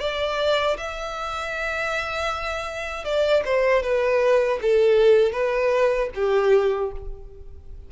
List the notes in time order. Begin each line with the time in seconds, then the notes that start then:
0.00 D5
0.77 E5
3.05 D5
3.45 C5
3.83 B4
4.62 A4
5.32 B4
6.15 G4